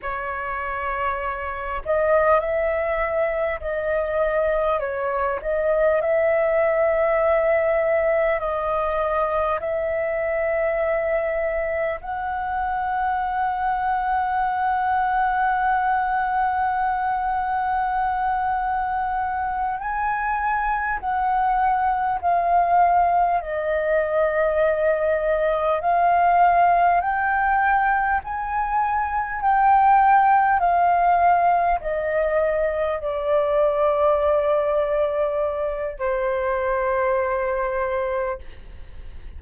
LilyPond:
\new Staff \with { instrumentName = "flute" } { \time 4/4 \tempo 4 = 50 cis''4. dis''8 e''4 dis''4 | cis''8 dis''8 e''2 dis''4 | e''2 fis''2~ | fis''1~ |
fis''8 gis''4 fis''4 f''4 dis''8~ | dis''4. f''4 g''4 gis''8~ | gis''8 g''4 f''4 dis''4 d''8~ | d''2 c''2 | }